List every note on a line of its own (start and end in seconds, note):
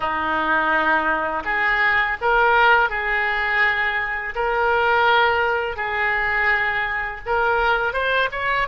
0.00 1.43 D#4
1.45 2.17 G#4
2.20 2.89 A#4
2.89 4.34 G#4
4.35 5.76 A#4
5.76 7.21 G#4
7.26 7.93 A#4
7.93 8.29 C5
8.31 8.67 C#5